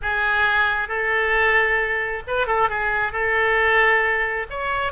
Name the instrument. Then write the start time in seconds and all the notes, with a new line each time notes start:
oboe
0.02 G#4
0.88 A4
2.27 B4
2.46 A4
2.69 G#4
3.12 A4
4.49 C#5